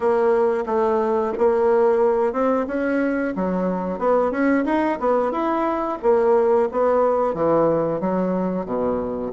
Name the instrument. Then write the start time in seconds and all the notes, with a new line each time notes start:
bassoon
0.00 A#3
0.66 A3
1.38 A#3
2.32 C4
2.67 C#4
3.35 F#3
3.98 B3
4.31 C#4
4.65 D#4
4.99 B3
5.32 E4
6.02 A#3
6.72 B3
7.34 E3
8.00 F#3
8.65 B2